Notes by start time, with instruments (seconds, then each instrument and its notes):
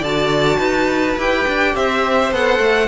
0.00 cello D3, viola F#4, violin D5 A5
0.57 cello D#4, violin B4
1.17 cello E4, viola G4, violin G5
1.47 cello D4
1.75 cello C4, violin C5 E5
2.32 cello B3, viola A4, violin F#5
2.59 cello A3